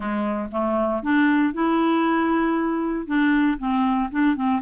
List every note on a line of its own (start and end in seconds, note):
0.00 0.48 G#3
0.51 1.02 A3
1.03 1.53 D4
1.53 3.06 E4
3.06 3.58 D4
3.58 4.10 C4
4.11 4.36 D4
4.36 4.61 C4